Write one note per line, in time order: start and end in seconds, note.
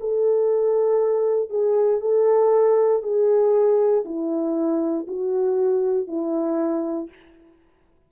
0.00 1.50 A4
1.50 2.01 G#4
2.01 3.02 A4
3.03 4.04 G#4
4.05 5.07 E4
5.08 6.07 F#4
6.07 7.09 E4